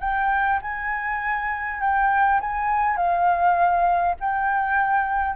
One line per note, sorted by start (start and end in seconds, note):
0.00 0.59 G5
0.62 1.80 G#5
1.80 2.40 G5
2.40 2.96 G#5
2.96 4.15 F5
4.20 5.36 G5